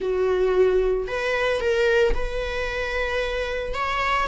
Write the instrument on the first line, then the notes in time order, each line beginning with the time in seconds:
viola
0.00 F#4
1.07 B4
1.60 A#4
2.14 B4
3.74 C#5